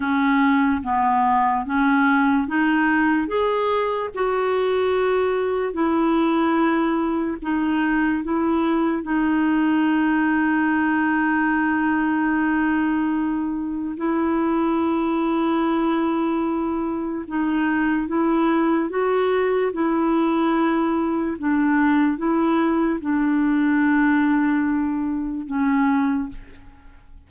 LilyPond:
\new Staff \with { instrumentName = "clarinet" } { \time 4/4 \tempo 4 = 73 cis'4 b4 cis'4 dis'4 | gis'4 fis'2 e'4~ | e'4 dis'4 e'4 dis'4~ | dis'1~ |
dis'4 e'2.~ | e'4 dis'4 e'4 fis'4 | e'2 d'4 e'4 | d'2. cis'4 | }